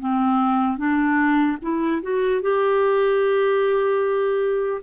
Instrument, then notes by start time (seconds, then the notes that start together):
clarinet
0.00 C4
0.77 D4
1.62 E4
2.03 F#4
2.42 G4